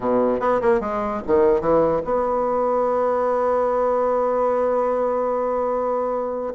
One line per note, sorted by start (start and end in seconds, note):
0.00 0.40 B2
0.40 0.60 B3
0.61 0.80 A#3
0.80 1.21 G#3
1.27 1.60 D#3
1.60 2.01 E3
2.05 6.54 B3